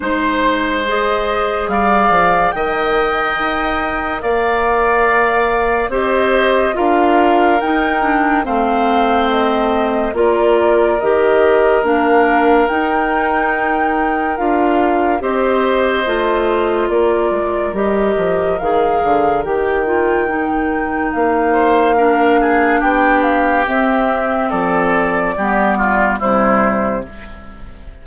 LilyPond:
<<
  \new Staff \with { instrumentName = "flute" } { \time 4/4 \tempo 4 = 71 c''4 dis''4 f''4 g''4~ | g''4 f''2 dis''4 | f''4 g''4 f''4 dis''4 | d''4 dis''4 f''4 g''4~ |
g''4 f''4 dis''2 | d''4 dis''4 f''4 g''4~ | g''4 f''2 g''8 f''8 | e''4 d''2 c''4 | }
  \new Staff \with { instrumentName = "oboe" } { \time 4/4 c''2 d''4 dis''4~ | dis''4 d''2 c''4 | ais'2 c''2 | ais'1~ |
ais'2 c''2 | ais'1~ | ais'4. c''8 ais'8 gis'8 g'4~ | g'4 a'4 g'8 f'8 e'4 | }
  \new Staff \with { instrumentName = "clarinet" } { \time 4/4 dis'4 gis'2 ais'4~ | ais'2. g'4 | f'4 dis'8 d'8 c'2 | f'4 g'4 d'4 dis'4~ |
dis'4 f'4 g'4 f'4~ | f'4 g'4 gis'4 g'8 f'8 | dis'2 d'2 | c'2 b4 g4 | }
  \new Staff \with { instrumentName = "bassoon" } { \time 4/4 gis2 g8 f8 dis4 | dis'4 ais2 c'4 | d'4 dis'4 a2 | ais4 dis4 ais4 dis'4~ |
dis'4 d'4 c'4 a4 | ais8 gis8 g8 f8 dis8 d8 dis4~ | dis4 ais2 b4 | c'4 f4 g4 c4 | }
>>